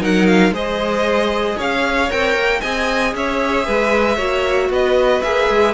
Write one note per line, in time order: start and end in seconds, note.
0.00 0.51 F#3
0.00 0.52 D#4
0.00 0.53 A#4
0.00 0.27 F#5
0.27 0.53 F5
0.51 1.56 G#3
0.51 2.10 G#4
0.51 1.57 C5
0.51 1.60 D#5
1.57 2.11 C#4
1.57 2.60 C#5
1.57 2.11 F5
2.10 2.35 C4
2.10 2.62 A#4
2.10 2.61 G5
2.35 2.61 A#3
2.60 3.15 C4
2.60 4.18 G#4
2.60 3.13 D#5
2.60 3.14 G#5
3.15 3.67 C#4
3.15 3.67 C#5
3.15 4.72 E5
3.67 4.18 G#3
3.67 4.16 B4
4.16 4.70 A#3
4.16 5.22 F#4
4.16 4.68 C#5
4.70 5.22 B3
4.70 5.75 B4
4.70 5.22 D#5
5.22 5.50 A#3
5.22 5.75 G#4
5.22 5.75 E5
5.50 5.75 G#3